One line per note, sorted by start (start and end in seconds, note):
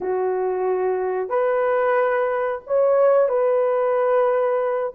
0.00 1.29 F#4
1.29 2.61 B4
2.66 3.28 C#5
3.28 4.93 B4